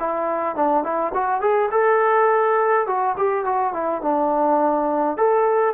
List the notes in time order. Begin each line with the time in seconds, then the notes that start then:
0.00 E4
0.56 D4
0.84 E4
1.15 F#4
1.41 G#4
1.72 A4
2.87 F#4
3.18 G4
3.45 F#4
3.73 E4
4.02 D4
5.17 A4